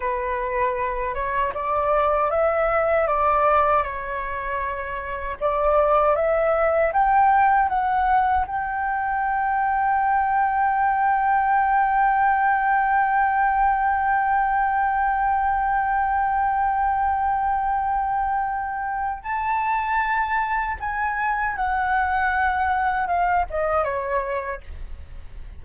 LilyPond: \new Staff \with { instrumentName = "flute" } { \time 4/4 \tempo 4 = 78 b'4. cis''8 d''4 e''4 | d''4 cis''2 d''4 | e''4 g''4 fis''4 g''4~ | g''1~ |
g''1~ | g''1~ | g''4 a''2 gis''4 | fis''2 f''8 dis''8 cis''4 | }